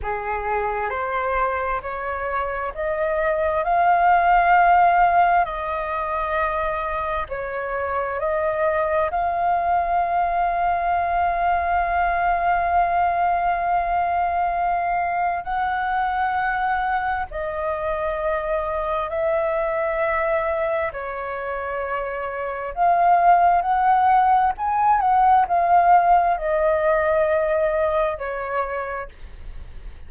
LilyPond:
\new Staff \with { instrumentName = "flute" } { \time 4/4 \tempo 4 = 66 gis'4 c''4 cis''4 dis''4 | f''2 dis''2 | cis''4 dis''4 f''2~ | f''1~ |
f''4 fis''2 dis''4~ | dis''4 e''2 cis''4~ | cis''4 f''4 fis''4 gis''8 fis''8 | f''4 dis''2 cis''4 | }